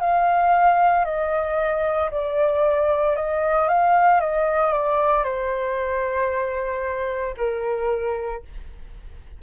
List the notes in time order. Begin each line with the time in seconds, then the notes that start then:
0.00 F5
1.04 D#5
2.11 D5
3.16 D#5
3.68 F5
4.20 D#5
4.72 D5
5.24 C5
7.37 A#4